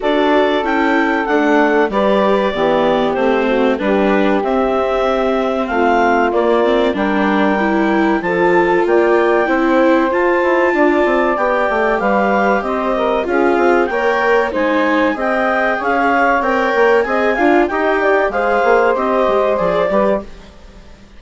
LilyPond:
<<
  \new Staff \with { instrumentName = "clarinet" } { \time 4/4 \tempo 4 = 95 d''4 g''4 fis''4 d''4~ | d''4 c''4 b'4 e''4~ | e''4 f''4 d''4 g''4~ | g''4 a''4 g''2 |
a''2 g''4 f''4 | dis''4 f''4 g''4 gis''4 | g''4 f''4 g''4 gis''4 | g''4 f''4 dis''4 d''4 | }
  \new Staff \with { instrumentName = "saxophone" } { \time 4/4 a'2. b'4 | g'4. fis'8 g'2~ | g'4 f'2 ais'4~ | ais'4 a'4 d''4 c''4~ |
c''4 d''2 b'4 | c''8 ais'8 gis'4 cis''4 c''4 | dis''4 cis''2 dis''8 f''8 | dis''8 d''8 c''2~ c''8 b'8 | }
  \new Staff \with { instrumentName = "viola" } { \time 4/4 fis'4 e'4 a4 g'4 | b4 c'4 d'4 c'4~ | c'2 ais8 c'8 d'4 | e'4 f'2 e'4 |
f'2 g'2~ | g'4 f'4 ais'4 dis'4 | gis'2 ais'4 gis'8 f'8 | g'4 gis'4 g'4 gis'8 g'8 | }
  \new Staff \with { instrumentName = "bassoon" } { \time 4/4 d'4 cis'4 d'4 g4 | e4 a4 g4 c'4~ | c'4 a4 ais4 g4~ | g4 f4 ais4 c'4 |
f'8 e'8 d'8 c'8 b8 a8 g4 | c'4 cis'8 c'8 ais4 gis4 | c'4 cis'4 c'8 ais8 c'8 d'8 | dis'4 gis8 ais8 c'8 gis8 f8 g8 | }
>>